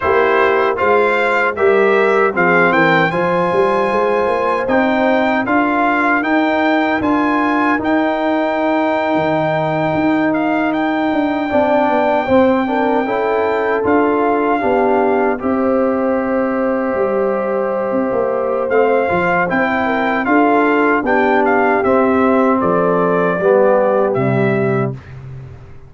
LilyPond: <<
  \new Staff \with { instrumentName = "trumpet" } { \time 4/4 \tempo 4 = 77 c''4 f''4 e''4 f''8 g''8 | gis''2 g''4 f''4 | g''4 gis''4 g''2~ | g''4~ g''16 f''8 g''2~ g''16~ |
g''4.~ g''16 f''2 e''16~ | e''1 | f''4 g''4 f''4 g''8 f''8 | e''4 d''2 e''4 | }
  \new Staff \with { instrumentName = "horn" } { \time 4/4 g'4 c''4 ais'4 gis'8 ais'8 | c''2. ais'4~ | ais'1~ | ais'2~ ais'8. d''4 c''16~ |
c''16 ais'8 a'2 g'4 c''16~ | c''1~ | c''4. ais'8 a'4 g'4~ | g'4 a'4 g'2 | }
  \new Staff \with { instrumentName = "trombone" } { \time 4/4 e'4 f'4 g'4 c'4 | f'2 dis'4 f'4 | dis'4 f'4 dis'2~ | dis'2~ dis'8. d'4 c'16~ |
c'16 d'8 e'4 f'4 d'4 g'16~ | g'1 | c'8 f'8 e'4 f'4 d'4 | c'2 b4 g4 | }
  \new Staff \with { instrumentName = "tuba" } { \time 4/4 ais4 gis4 g4 f8 e8 | f8 g8 gis8 ais8 c'4 d'4 | dis'4 d'4 dis'4.~ dis'16 dis16~ | dis8. dis'4. d'8 c'8 b8 c'16~ |
c'8. cis'4 d'4 b4 c'16~ | c'4.~ c'16 g4~ g16 c'16 ais8. | a8 f8 c'4 d'4 b4 | c'4 f4 g4 c4 | }
>>